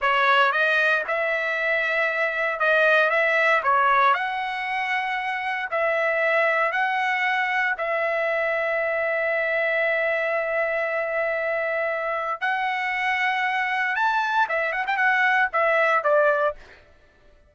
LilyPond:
\new Staff \with { instrumentName = "trumpet" } { \time 4/4 \tempo 4 = 116 cis''4 dis''4 e''2~ | e''4 dis''4 e''4 cis''4 | fis''2. e''4~ | e''4 fis''2 e''4~ |
e''1~ | e''1 | fis''2. a''4 | e''8 fis''16 g''16 fis''4 e''4 d''4 | }